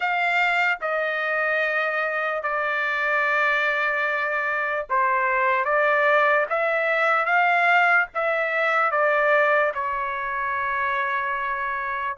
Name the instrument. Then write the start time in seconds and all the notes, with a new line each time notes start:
trumpet
0.00 F5
0.81 D#5
2.43 D5
4.89 C5
5.64 D5
6.49 E5
7.25 F5
8.14 E5
8.91 D5
9.74 C#5